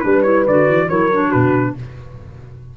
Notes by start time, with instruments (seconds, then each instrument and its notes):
0.00 tuba G3, clarinet D4, trumpet B4, horn B4
0.22 clarinet E4, trumpet C#5
0.47 tuba D3, clarinet F#4, trumpet D5
0.68 tuba E3
0.88 tuba F#3, clarinet E4, horn A#4, trumpet C#5
1.12 clarinet D4
1.29 tuba B2, horn F#4, trumpet B4